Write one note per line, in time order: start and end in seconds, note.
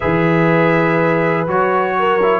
0.00 1.47 E3
0.00 1.47 G#4
0.00 1.95 B4
0.00 1.46 E5
1.47 2.40 F#3
1.47 2.21 F#4
1.47 2.40 C#5
1.98 2.40 A#4
2.22 2.40 E4